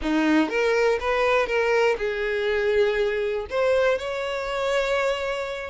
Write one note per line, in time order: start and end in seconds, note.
0.01 0.49 D#4
0.49 0.98 A#4
1.00 1.47 B4
1.47 1.96 A#4
1.97 3.46 G#4
3.50 3.98 C5
3.98 5.70 C#5